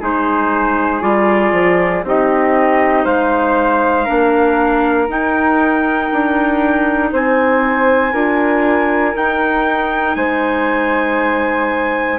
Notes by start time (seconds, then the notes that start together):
0.00 G#3 D#4 G#4 C5
1.01 G3 F4 D5
1.52 F3
2.03 C4 D#4 G4 D#5
3.04 G#3 C5 F5
4.04 A#3 D4 A#4
5.08 D#4 G5
6.12 D4
7.12 C4 C5 G#5
8.12 D4 F4 A#4
9.13 D#4 G5
10.15 G#3 C5 G#5